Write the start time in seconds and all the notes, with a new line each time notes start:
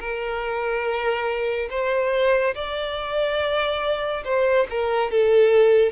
0.00 A#4
1.70 C5
2.55 D5
4.24 C5
4.70 A#4
5.11 A4